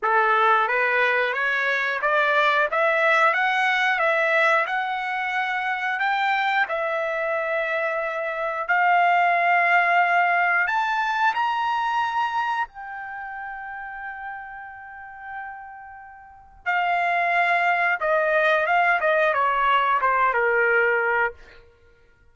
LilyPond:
\new Staff \with { instrumentName = "trumpet" } { \time 4/4 \tempo 4 = 90 a'4 b'4 cis''4 d''4 | e''4 fis''4 e''4 fis''4~ | fis''4 g''4 e''2~ | e''4 f''2. |
a''4 ais''2 g''4~ | g''1~ | g''4 f''2 dis''4 | f''8 dis''8 cis''4 c''8 ais'4. | }